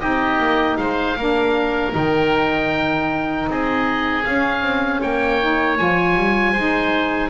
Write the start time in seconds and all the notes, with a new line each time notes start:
0.00 C4 D#4 G4 D#5
0.38 A#3
0.77 G#3 C5 F5
1.17 A#3 D4 A#4
1.92 D#3 D#4 G5
3.47 C4 G#4 D#5
4.24 C#4 F5
4.62 C4
5.00 A#3 C#5 G5
5.41 D#4
5.78 F3 F4 G#5
6.16 G3
6.53 G#3 D#4 C5